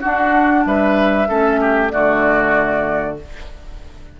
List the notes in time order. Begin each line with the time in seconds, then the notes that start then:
0.00 D4 F#4 F#5
0.65 G3 B4 E5
1.27 A3 C#4 A4
1.60 G4
1.89 D3 A3 F#4 D5